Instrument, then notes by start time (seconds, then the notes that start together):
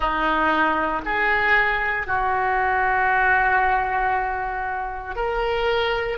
oboe
0.00 D#4
1.05 G#4
2.06 F#4
5.15 A#4